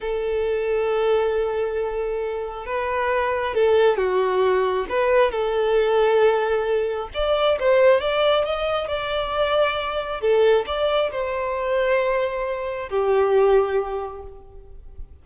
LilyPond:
\new Staff \with { instrumentName = "violin" } { \time 4/4 \tempo 4 = 135 a'1~ | a'2 b'2 | a'4 fis'2 b'4 | a'1 |
d''4 c''4 d''4 dis''4 | d''2. a'4 | d''4 c''2.~ | c''4 g'2. | }